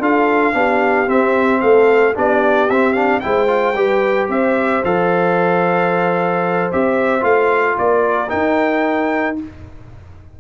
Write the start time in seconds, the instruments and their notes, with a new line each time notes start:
0.00 tuba D4, trombone F4, horn A4, trumpet F5
0.54 tuba B3, trombone D4, horn G4
1.07 trombone C4, tuba C4, trumpet E5
1.61 tuba A3, horn A4, trumpet F5
2.15 tuba B3, trombone D4, horn G4, trumpet D5
2.70 tuba C4, trombone C4, trumpet E5
2.93 trombone D4, trumpet F5
3.20 tuba G#3, trombone E4, horn C5, trumpet G5
3.48 trombone F4
3.74 tuba G3, trombone G4, horn B4
4.29 tuba C4, horn C5, trumpet E5
4.84 tuba F3, trombone A4, trumpet F5
6.72 tuba C4, trombone G4, trumpet E5
7.21 tuba A3, trombone F4, trumpet F5
7.79 tuba A#3, horn A#4, trumpet D5
8.29 trombone D#4, tuba D#4, trumpet G5